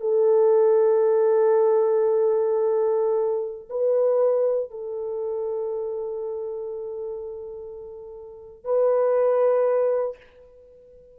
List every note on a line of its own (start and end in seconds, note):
0.00 3.69 A4
3.69 4.70 B4
4.70 8.64 A4
8.64 10.16 B4